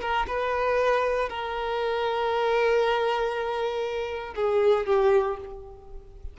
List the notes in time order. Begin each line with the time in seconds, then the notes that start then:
0.00 A#4
0.27 B4
1.29 A#4
4.35 G#4
4.86 G4